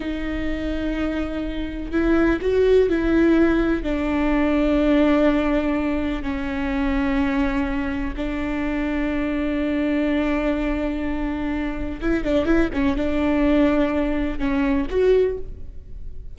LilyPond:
\new Staff \with { instrumentName = "viola" } { \time 4/4 \tempo 4 = 125 dis'1 | e'4 fis'4 e'2 | d'1~ | d'4 cis'2.~ |
cis'4 d'2.~ | d'1~ | d'4 e'8 d'8 e'8 cis'8 d'4~ | d'2 cis'4 fis'4 | }